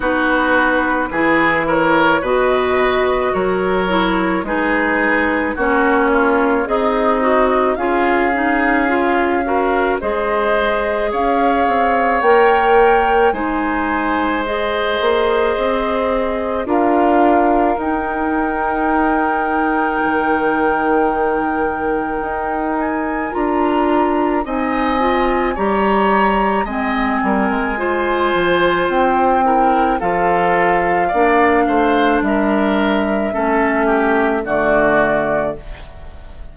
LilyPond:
<<
  \new Staff \with { instrumentName = "flute" } { \time 4/4 \tempo 4 = 54 b'4. cis''8 dis''4 cis''4 | b'4 cis''4 dis''4 f''4~ | f''4 dis''4 f''4 g''4 | gis''4 dis''2 f''4 |
g''1~ | g''8 gis''8 ais''4 gis''4 ais''4 | gis''2 g''4 f''4~ | f''4 e''2 d''4 | }
  \new Staff \with { instrumentName = "oboe" } { \time 4/4 fis'4 gis'8 ais'8 b'4 ais'4 | gis'4 fis'8 f'8 dis'4 gis'4~ | gis'8 ais'8 c''4 cis''2 | c''2. ais'4~ |
ais'1~ | ais'2 dis''4 cis''4 | dis''8 ais'8 c''4. ais'8 a'4 | d''8 c''8 ais'4 a'8 g'8 fis'4 | }
  \new Staff \with { instrumentName = "clarinet" } { \time 4/4 dis'4 e'4 fis'4. e'8 | dis'4 cis'4 gis'8 fis'8 f'8 dis'8 | f'8 fis'8 gis'2 ais'4 | dis'4 gis'2 f'4 |
dis'1~ | dis'4 f'4 dis'8 f'8 g'4 | c'4 f'4. e'8 f'4 | d'2 cis'4 a4 | }
  \new Staff \with { instrumentName = "bassoon" } { \time 4/4 b4 e4 b,4 fis4 | gis4 ais4 c'4 cis'4~ | cis'4 gis4 cis'8 c'8 ais4 | gis4. ais8 c'4 d'4 |
dis'2 dis2 | dis'4 d'4 c'4 g4 | gis8 g16 gis8. f8 c'4 f4 | ais8 a8 g4 a4 d4 | }
>>